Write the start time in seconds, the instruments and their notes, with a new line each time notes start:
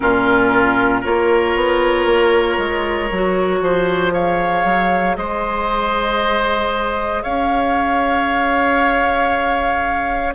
0.00 bassoon A#2, clarinet C#4, oboe F4, flute A#4
1.00 bassoon A#3, clarinet F4, oboe A#4, flute C#5
1.55 bassoon B3
2.05 bassoon A#3
2.58 bassoon G#3
3.11 bassoon F#3, clarinet F#4
3.61 bassoon F3, oboe C5
4.11 clarinet G#4, oboe C#5, flute F5
4.64 bassoon F#3
5.16 bassoon G#3, oboe C5, flute D#5
7.22 bassoon C#4, oboe C#5, flute F5